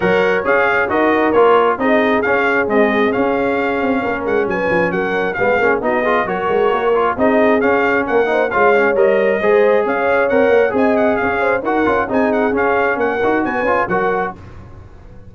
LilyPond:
<<
  \new Staff \with { instrumentName = "trumpet" } { \time 4/4 \tempo 4 = 134 fis''4 f''4 dis''4 cis''4 | dis''4 f''4 dis''4 f''4~ | f''4. fis''8 gis''4 fis''4 | f''4 dis''4 cis''2 |
dis''4 f''4 fis''4 f''4 | dis''2 f''4 fis''4 | gis''8 fis''8 f''4 fis''4 gis''8 fis''8 | f''4 fis''4 gis''4 fis''4 | }
  \new Staff \with { instrumentName = "horn" } { \time 4/4 cis''2 ais'2 | gis'1~ | gis'4 ais'4 b'4 ais'4 | gis'4 fis'8 gis'8 ais'2 |
gis'2 ais'8 c''8 cis''4~ | cis''4 c''4 cis''2 | dis''4 cis''8 c''8 ais'4 gis'4~ | gis'4 ais'4 b'4 ais'4 | }
  \new Staff \with { instrumentName = "trombone" } { \time 4/4 ais'4 gis'4 fis'4 f'4 | dis'4 cis'4 gis4 cis'4~ | cis'1 | b8 cis'8 dis'8 f'8 fis'4. f'8 |
dis'4 cis'4. dis'8 f'8 cis'8 | ais'4 gis'2 ais'4 | gis'2 fis'8 f'8 dis'4 | cis'4. fis'4 f'8 fis'4 | }
  \new Staff \with { instrumentName = "tuba" } { \time 4/4 fis4 cis'4 dis'4 ais4 | c'4 cis'4 c'4 cis'4~ | cis'8 c'8 ais8 gis8 fis8 f8 fis4 | gis8 ais8 b4 fis8 gis8 ais4 |
c'4 cis'4 ais4 gis4 | g4 gis4 cis'4 c'8 ais8 | c'4 cis'4 dis'8 cis'8 c'4 | cis'4 ais8 dis'8 b8 cis'8 fis4 | }
>>